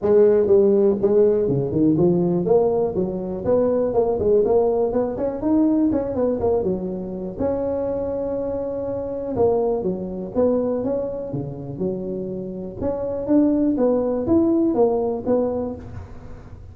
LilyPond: \new Staff \with { instrumentName = "tuba" } { \time 4/4 \tempo 4 = 122 gis4 g4 gis4 cis8 dis8 | f4 ais4 fis4 b4 | ais8 gis8 ais4 b8 cis'8 dis'4 | cis'8 b8 ais8 fis4. cis'4~ |
cis'2. ais4 | fis4 b4 cis'4 cis4 | fis2 cis'4 d'4 | b4 e'4 ais4 b4 | }